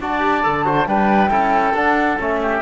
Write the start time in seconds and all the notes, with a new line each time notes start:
0.00 D4 F#4 D5 A5
0.19 G4
0.43 D3 A4
0.65 F#4 C5
0.86 G3 D4 B4 G5
1.28 C#4 E4 A4
1.74 D4 F#5
2.18 A3 C#4 E5
2.41 G4